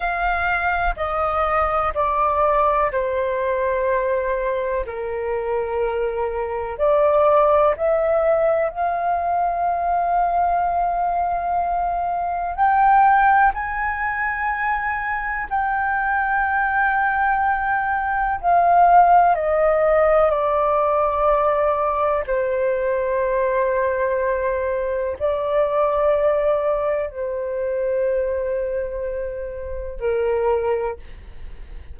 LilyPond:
\new Staff \with { instrumentName = "flute" } { \time 4/4 \tempo 4 = 62 f''4 dis''4 d''4 c''4~ | c''4 ais'2 d''4 | e''4 f''2.~ | f''4 g''4 gis''2 |
g''2. f''4 | dis''4 d''2 c''4~ | c''2 d''2 | c''2. ais'4 | }